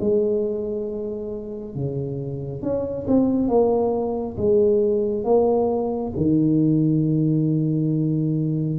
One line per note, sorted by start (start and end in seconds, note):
0.00 1.75 G#3
1.75 2.62 C#3
2.62 3.06 C#4
3.08 3.49 C4
3.49 4.37 A#3
4.37 5.25 G#3
5.25 6.13 A#3
6.17 8.80 D#3